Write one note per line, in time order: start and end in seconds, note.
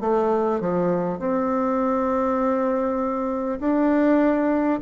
0.00 0.60 A3
0.60 1.19 F3
1.19 3.59 C4
3.59 4.79 D4